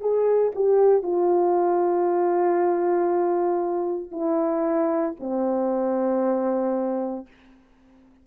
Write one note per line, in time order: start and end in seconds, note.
0.00 0.52 G#4
0.55 1.03 G4
1.03 4.11 F4
4.11 5.14 E4
5.20 7.26 C4